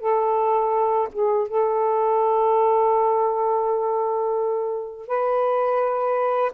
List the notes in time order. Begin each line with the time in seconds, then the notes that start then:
0.00 A4
1.12 G#4
1.48 A4
5.07 B4